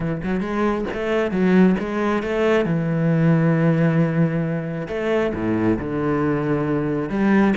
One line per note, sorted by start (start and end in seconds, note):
0.00 0.21 E3
0.23 0.40 F#3
0.40 0.84 G#3
0.93 1.31 A3
1.31 1.75 F#3
1.79 2.22 G#3
2.22 2.65 A3
2.65 4.87 E3
4.88 5.32 A3
5.34 5.78 A2
5.79 7.09 D3
7.09 7.54 G3